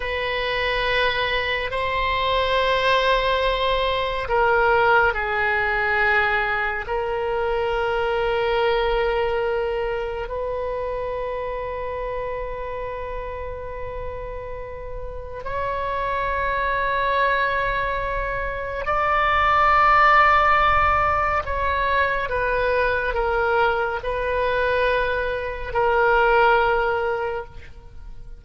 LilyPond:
\new Staff \with { instrumentName = "oboe" } { \time 4/4 \tempo 4 = 70 b'2 c''2~ | c''4 ais'4 gis'2 | ais'1 | b'1~ |
b'2 cis''2~ | cis''2 d''2~ | d''4 cis''4 b'4 ais'4 | b'2 ais'2 | }